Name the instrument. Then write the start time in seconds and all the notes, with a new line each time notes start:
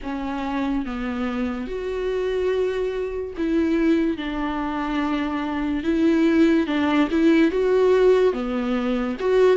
viola
0.02 C#4
0.85 B3
1.67 F#4
3.37 E4
4.17 D4
5.83 E4
6.66 D4
7.10 E4
7.51 F#4
8.33 B3
9.19 F#4